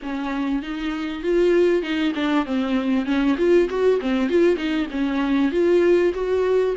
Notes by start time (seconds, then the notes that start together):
0.02 C#4
0.62 D#4
1.22 F4
1.82 D#4
2.14 D4
2.45 C4
3.05 C#4
3.37 F4
3.69 F#4
4.00 C4
4.29 F4
4.56 D#4
4.91 C#4
5.51 F4
6.14 F#4